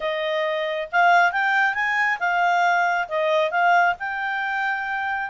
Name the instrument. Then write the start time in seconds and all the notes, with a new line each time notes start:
clarinet
0.00 D#5
0.92 F5
1.32 G5
1.74 G#5
2.19 F5
3.08 D#5
3.50 F5
3.99 G5